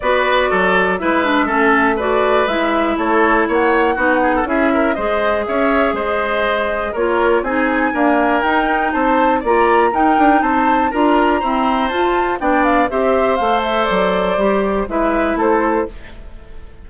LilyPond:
<<
  \new Staff \with { instrumentName = "flute" } { \time 4/4 \tempo 4 = 121 d''2 e''2 | d''4 e''4 cis''4 fis''4~ | fis''4 e''4 dis''4 e''4 | dis''2 cis''4 gis''4~ |
gis''4 g''4 a''4 ais''4 | g''4 a''4 ais''2 | a''4 g''8 f''8 e''4 f''8 e''8 | d''2 e''4 c''4 | }
  \new Staff \with { instrumentName = "oboe" } { \time 4/4 b'4 a'4 b'4 a'4 | b'2 a'4 cis''4 | fis'8 gis'16 a'16 gis'8 ais'8 c''4 cis''4 | c''2 ais'4 gis'4 |
ais'2 c''4 d''4 | ais'4 c''4 ais'4 c''4~ | c''4 d''4 c''2~ | c''2 b'4 a'4 | }
  \new Staff \with { instrumentName = "clarinet" } { \time 4/4 fis'2 e'8 d'8 cis'4 | fis'4 e'2. | dis'4 e'4 gis'2~ | gis'2 f'4 dis'4 |
ais4 dis'2 f'4 | dis'2 f'4 c'4 | f'4 d'4 g'4 a'4~ | a'4 g'4 e'2 | }
  \new Staff \with { instrumentName = "bassoon" } { \time 4/4 b4 fis4 gis4 a4~ | a4 gis4 a4 ais4 | b4 cis'4 gis4 cis'4 | gis2 ais4 c'4 |
d'4 dis'4 c'4 ais4 | dis'8 d'8 c'4 d'4 e'4 | f'4 b4 c'4 a4 | fis4 g4 gis4 a4 | }
>>